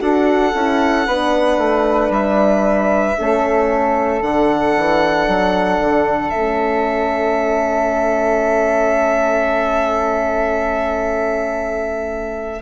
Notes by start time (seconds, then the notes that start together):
0.00 D4 F#4 A4 F#5
0.54 C#4 E4
1.06 B3 D4 B4
1.57 A3
2.09 G3 E5
3.17 A3 C#4 A4
4.21 D3 D4 F#5
4.77 E3
5.27 F#3
5.80 D3
6.30 A3 C#4 E5